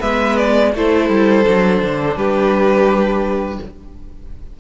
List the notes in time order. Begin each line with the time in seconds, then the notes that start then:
0.00 G#3 B3 B4 E5
0.37 D5
0.74 A3 E4 A4 C5
1.09 G3
1.45 F#3 D4
1.82 D3
2.16 G3 G4 B4